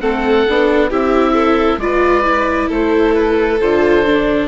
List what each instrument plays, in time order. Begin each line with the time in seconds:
0.00 bassoon A3, viola C4, violin A4, oboe F#5
0.49 bassoon B3, viola D4
0.90 bassoon C4, viola E4, violin G4, oboe E5
1.33 violin A4
1.77 bassoon G#3, viola F4, violin B4, oboe D5
2.24 viola E4
2.68 bassoon A3, violin A4, oboe C5
3.14 oboe B4
3.60 bassoon D3, viola F4, oboe C5
4.06 viola D4